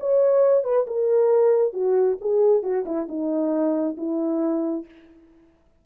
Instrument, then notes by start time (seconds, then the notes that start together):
horn
0.00 C#5
0.64 B4
0.87 A#4
1.73 F#4
2.21 G#4
2.63 F#4
2.85 E4
3.08 D#4
3.97 E4